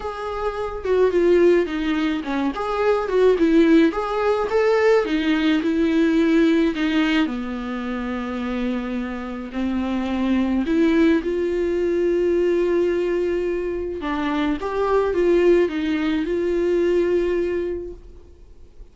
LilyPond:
\new Staff \with { instrumentName = "viola" } { \time 4/4 \tempo 4 = 107 gis'4. fis'8 f'4 dis'4 | cis'8 gis'4 fis'8 e'4 gis'4 | a'4 dis'4 e'2 | dis'4 b2.~ |
b4 c'2 e'4 | f'1~ | f'4 d'4 g'4 f'4 | dis'4 f'2. | }